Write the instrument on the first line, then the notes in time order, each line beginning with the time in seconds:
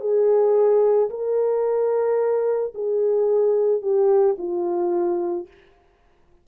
horn
0.00 G#4
1.10 A#4
2.74 G#4
3.81 G4
4.38 F4